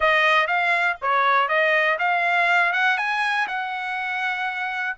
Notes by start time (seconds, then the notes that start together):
0.00 D#5
0.47 F5
1.01 C#5
1.48 D#5
1.98 F5
2.72 F#5
2.97 G#5
3.47 F#5